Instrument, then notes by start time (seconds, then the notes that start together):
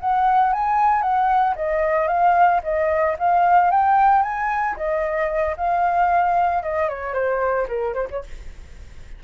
flute
0.00 F#5
0.53 G#5
1.02 F#5
1.55 D#5
2.08 F5
2.63 D#5
3.19 F5
3.71 G5
4.22 G#5
4.76 D#5
5.57 F5
6.63 D#5
6.89 C#5
7.14 C5
7.68 A#4
7.94 C5
8.10 C#5